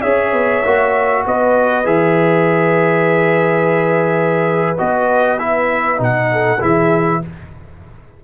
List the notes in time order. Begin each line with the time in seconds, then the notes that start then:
0.00 C#4 G#4 C#5 E5
0.33 B3
0.64 A#3 F#4
1.26 B3 B4 D#5
1.84 E3 G#4 E5
4.78 B3 F#4 D#5
5.39 E4 E5
5.97 B2 D#4
6.03 F#5
6.32 A4
6.60 E3 E4 G#4 E5